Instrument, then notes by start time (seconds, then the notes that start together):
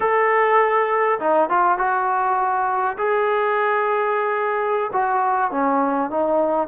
trombone
0.00 A4
1.19 D#4
1.49 F4
1.77 F#4
2.98 G#4
4.92 F#4
5.51 C#4
6.10 D#4